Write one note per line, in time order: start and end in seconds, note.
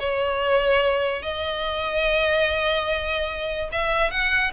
0.00 1.23 C#5
1.23 3.69 D#5
3.72 4.11 E5
4.11 4.52 F#5